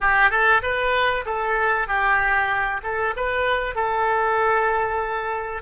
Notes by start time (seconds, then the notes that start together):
0.00 G4
0.30 A4
0.62 B4
1.25 A4
1.87 G4
2.83 A4
3.16 B4
3.75 A4